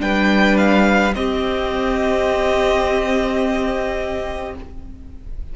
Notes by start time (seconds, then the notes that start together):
0.00 G3 D4 B4 G5
0.58 F5
1.14 C4 G4 D#5